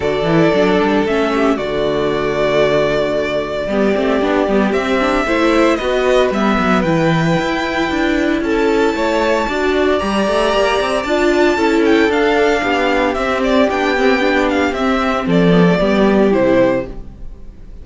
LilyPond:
<<
  \new Staff \with { instrumentName = "violin" } { \time 4/4 \tempo 4 = 114 d''2 e''4 d''4~ | d''1~ | d''4 e''2 dis''4 | e''4 g''2. |
a''2. ais''4~ | ais''4 a''4. g''8 f''4~ | f''4 e''8 d''8 g''4. f''8 | e''4 d''2 c''4 | }
  \new Staff \with { instrumentName = "violin" } { \time 4/4 a'2~ a'8 g'8 fis'4~ | fis'2. g'4~ | g'2 c''4 b'4~ | b'1 |
a'4 cis''4 d''2~ | d''2 a'2 | g'1~ | g'4 a'4 g'2 | }
  \new Staff \with { instrumentName = "viola" } { \time 4/4 fis'8 e'8 d'4 cis'4 a4~ | a2. b8 c'8 | d'8 b8 c'8 d'8 e'4 fis'4 | b4 e'2.~ |
e'2 fis'4 g'4~ | g'4 f'4 e'4 d'4~ | d'4 c'4 d'8 c'8 d'4 | c'4. b16 a16 b4 e'4 | }
  \new Staff \with { instrumentName = "cello" } { \time 4/4 d8 e8 fis8 g8 a4 d4~ | d2. g8 a8 | b8 g8 c'4 a4 b4 | g8 fis8 e4 e'4 d'4 |
cis'4 a4 d'4 g8 a8 | ais8 c'8 d'4 cis'4 d'4 | b4 c'4 b2 | c'4 f4 g4 c4 | }
>>